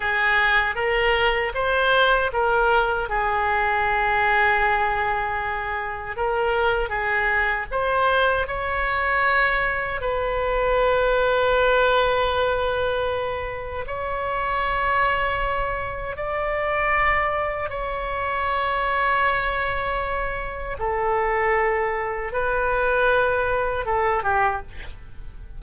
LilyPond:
\new Staff \with { instrumentName = "oboe" } { \time 4/4 \tempo 4 = 78 gis'4 ais'4 c''4 ais'4 | gis'1 | ais'4 gis'4 c''4 cis''4~ | cis''4 b'2.~ |
b'2 cis''2~ | cis''4 d''2 cis''4~ | cis''2. a'4~ | a'4 b'2 a'8 g'8 | }